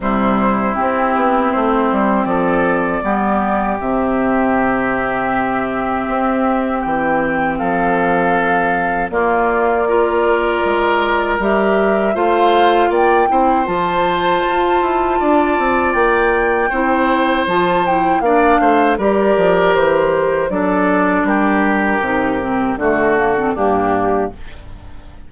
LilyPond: <<
  \new Staff \with { instrumentName = "flute" } { \time 4/4 \tempo 4 = 79 c''4 g'4 c''4 d''4~ | d''4 e''2.~ | e''4 g''4 f''2 | d''2. e''4 |
f''4 g''4 a''2~ | a''4 g''2 a''8 g''8 | f''4 d''4 c''4 d''4 | ais'2 a'4 g'4 | }
  \new Staff \with { instrumentName = "oboe" } { \time 4/4 e'2. a'4 | g'1~ | g'2 a'2 | f'4 ais'2. |
c''4 d''8 c''2~ c''8 | d''2 c''2 | d''8 c''8 ais'2 a'4 | g'2 fis'4 d'4 | }
  \new Staff \with { instrumentName = "clarinet" } { \time 4/4 g4 c'2. | b4 c'2.~ | c'1 | ais4 f'2 g'4 |
f'4. e'8 f'2~ | f'2 e'4 f'8 e'8 | d'4 g'2 d'4~ | d'4 dis'8 c'8 a8 ais16 c'16 ais4 | }
  \new Staff \with { instrumentName = "bassoon" } { \time 4/4 c4 c'8 b8 a8 g8 f4 | g4 c2. | c'4 e4 f2 | ais2 gis4 g4 |
a4 ais8 c'8 f4 f'8 e'8 | d'8 c'8 ais4 c'4 f4 | ais8 a8 g8 f8 e4 fis4 | g4 c4 d4 g,4 | }
>>